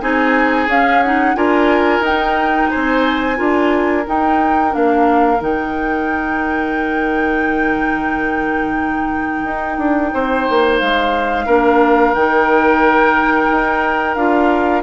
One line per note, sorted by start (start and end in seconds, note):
0.00 0.67 C4
0.00 0.68 D#4
0.00 1.36 G#4
0.00 0.67 G#5
0.67 1.34 C#4
0.67 1.03 C#4
0.67 1.02 F5
1.02 1.35 D#4
1.02 1.35 F#5
1.35 1.99 D4
1.35 2.02 F4
1.35 2.70 A#4
1.35 2.03 G#5
1.99 2.67 D#4
1.99 2.70 G5
2.06 3.36 D#4
2.70 3.39 C4
2.70 3.37 C5
2.70 4.05 G#5
3.36 4.06 D4
3.36 4.03 F4
3.36 10.12 A#4
4.06 4.70 D#4
4.06 4.74 D#4
4.06 4.74 G5
4.70 5.40 A#3
4.70 5.37 D4
4.70 5.41 F5
5.40 9.44 D#3
5.40 11.47 D#4
5.40 10.79 G5
9.44 9.78 D#4
9.78 10.11 D4
10.13 10.47 C4
10.13 11.46 C5
10.49 10.81 A#3
10.79 11.46 G#3
10.79 12.13 F5
11.46 12.13 A#3
11.46 12.14 D4
11.46 14.82 A#4
12.13 13.48 D#3
12.13 14.16 D#4
12.13 14.14 G5
13.50 14.16 D#4
14.14 14.82 D4
14.14 14.82 F4
14.14 14.82 F5